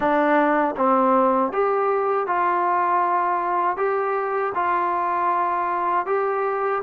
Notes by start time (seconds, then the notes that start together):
0.00 D4
0.76 C4
1.52 G4
2.26 F4
3.76 G4
4.54 F4
6.06 G4